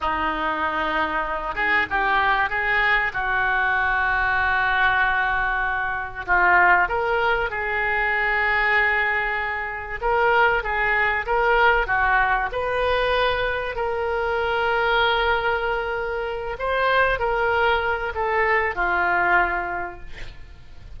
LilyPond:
\new Staff \with { instrumentName = "oboe" } { \time 4/4 \tempo 4 = 96 dis'2~ dis'8 gis'8 g'4 | gis'4 fis'2.~ | fis'2 f'4 ais'4 | gis'1 |
ais'4 gis'4 ais'4 fis'4 | b'2 ais'2~ | ais'2~ ais'8 c''4 ais'8~ | ais'4 a'4 f'2 | }